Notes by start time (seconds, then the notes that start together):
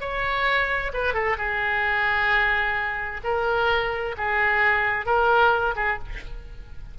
0.00 C#5
0.93 B4
1.13 A4
1.37 G#4
3.23 A#4
4.17 G#4
5.05 A#4
5.75 G#4